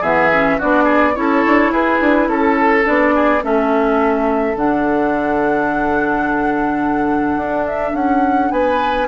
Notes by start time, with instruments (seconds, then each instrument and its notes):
0.00 bassoon E3, clarinet B3, oboe G#4, flute E5
0.32 clarinet C#4
0.58 bassoon B3, clarinet D4, oboe F#4, flute D5
0.83 oboe G#4
1.14 bassoon C#4, clarinet E4, oboe A4, flute C#5
1.46 bassoon D4
1.71 bassoon E4, oboe G#4, flute B4
2.00 bassoon D4
2.27 bassoon C#4, flute A4, oboe A4
2.83 bassoon B3, clarinet D4, flute D5
3.15 oboe G#4
3.42 bassoon A3, clarinet C#4, oboe A4, flute E5
4.54 bassoon D3, clarinet D4, flute F#5
7.36 bassoon D4
7.67 flute E5
7.93 bassoon C#4, flute F#5
8.51 bassoon B3, oboe B4, flute G#5